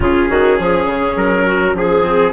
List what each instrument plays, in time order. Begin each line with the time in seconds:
0.00 bassoon C#3, cello C#4, clarinet F4, trumpet G#4
0.29 bassoon D#3, clarinet F#4
0.56 bassoon F3, clarinet G#4
0.85 bassoon C#3
1.16 bassoon F#3, trumpet A#4
1.46 clarinet F#4
1.74 bassoon F3, clarinet G#4, trumpet G#4
2.03 cello C4